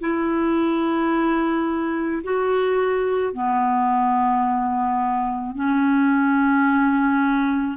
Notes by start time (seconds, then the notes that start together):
0.00 E4
2.23 F#4
3.33 B3
5.55 C#4